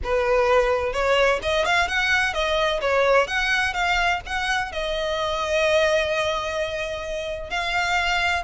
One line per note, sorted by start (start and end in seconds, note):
0.03 0.92 B4
0.92 1.39 C#5
1.42 1.65 D#5
1.65 1.88 F5
1.88 2.33 F#5
2.33 2.80 D#5
2.81 3.27 C#5
3.27 3.73 F#5
3.73 4.20 F5
4.26 4.72 F#5
4.72 7.50 D#5
7.50 8.43 F5